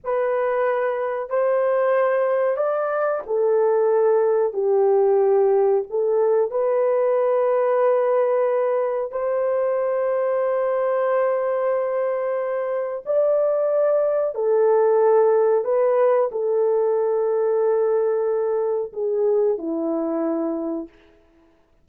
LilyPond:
\new Staff \with { instrumentName = "horn" } { \time 4/4 \tempo 4 = 92 b'2 c''2 | d''4 a'2 g'4~ | g'4 a'4 b'2~ | b'2 c''2~ |
c''1 | d''2 a'2 | b'4 a'2.~ | a'4 gis'4 e'2 | }